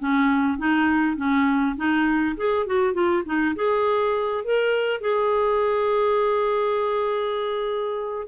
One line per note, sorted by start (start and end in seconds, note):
0.00 0.59 C#4
0.59 1.17 D#4
1.17 1.77 C#4
1.77 2.36 D#4
2.37 2.67 G#4
2.67 2.94 F#4
2.94 3.24 F4
3.26 3.56 D#4
3.56 4.45 G#4
4.45 5.01 A#4
5.01 8.28 G#4